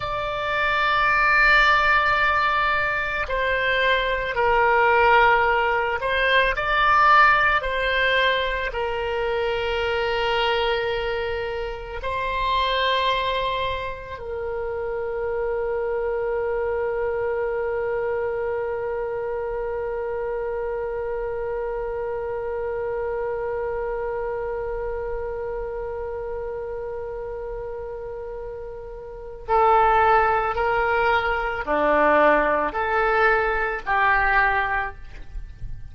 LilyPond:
\new Staff \with { instrumentName = "oboe" } { \time 4/4 \tempo 4 = 55 d''2. c''4 | ais'4. c''8 d''4 c''4 | ais'2. c''4~ | c''4 ais'2.~ |
ais'1~ | ais'1~ | ais'2. a'4 | ais'4 d'4 a'4 g'4 | }